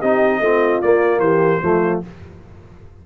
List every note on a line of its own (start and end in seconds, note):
0.00 0.40 C4
0.00 0.43 D#4
0.00 0.40 G4
0.00 0.82 D#5
0.40 0.81 A3
0.40 0.83 C4
0.40 1.21 F4
0.82 1.63 A#3
0.82 1.19 A#3
0.82 1.20 D5
1.19 1.60 E3
1.19 1.61 G4
1.19 2.00 C5
1.63 2.03 F3
1.63 2.03 A3
1.63 2.06 F4